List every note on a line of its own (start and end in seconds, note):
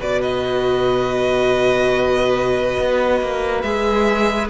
0.00 2.79 B2
0.00 3.65 F#4
0.00 4.50 B4
0.00 0.22 D5
0.22 3.62 D#5
2.80 3.21 B3
3.21 3.64 A#3
3.62 4.49 G#3
3.62 4.50 G#4
3.62 4.48 E5